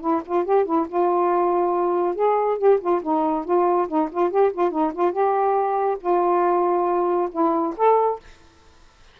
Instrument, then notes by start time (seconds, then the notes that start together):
saxophone
0.00 E4
0.25 F4
0.44 G4
0.65 E4
0.88 F4
2.15 G#4
2.58 G4
2.80 F4
3.02 D#4
3.44 F4
3.88 D#4
4.11 F4
4.30 G4
4.52 F4
4.70 D#4
4.93 F4
5.12 G4
6.00 F4
7.31 E4
7.76 A4